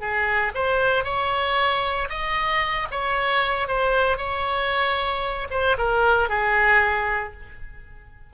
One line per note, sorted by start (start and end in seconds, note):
0.00 0.52 G#4
0.55 1.04 C5
1.04 2.08 C#5
2.09 2.87 D#5
2.91 3.68 C#5
3.68 4.17 C5
4.17 5.48 C#5
5.50 5.77 C5
5.78 6.29 A#4
6.29 7.33 G#4